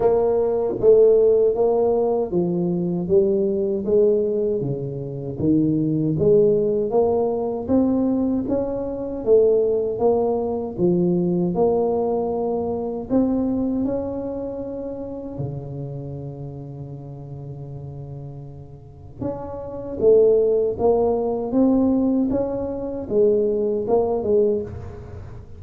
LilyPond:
\new Staff \with { instrumentName = "tuba" } { \time 4/4 \tempo 4 = 78 ais4 a4 ais4 f4 | g4 gis4 cis4 dis4 | gis4 ais4 c'4 cis'4 | a4 ais4 f4 ais4~ |
ais4 c'4 cis'2 | cis1~ | cis4 cis'4 a4 ais4 | c'4 cis'4 gis4 ais8 gis8 | }